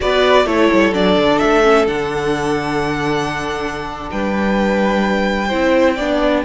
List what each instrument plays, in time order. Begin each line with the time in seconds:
0.00 cello B3, viola F#4, violin B4 D5
0.45 cello A3, viola E4, violin A4 C#5
0.72 cello G3
0.92 cello F#3, viola D4, violin D5
1.17 cello D3
1.38 cello A3, violin E5
1.63 viola C#4
1.86 cello D3, viola D4, violin F#5
4.11 cello G3, violin B4 G5
5.47 cello C4, viola E4, violin C5
5.95 cello B3, viola D4, violin D5